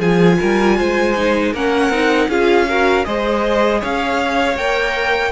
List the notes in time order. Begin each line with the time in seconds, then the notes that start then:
0.00 F3 F4 G#4 G#5
0.39 G3 A#4
0.78 G#3 C5
1.17 D#4
1.53 A#3 C#4 A#4 F#5
1.90 C4 D#4
2.29 C#4 F4 G#4 F5
2.68 F#4 A#4
3.05 G#3 G#4 C5 D#5
3.81 C#4 C#5 F5
4.57 A#3 A#4 G5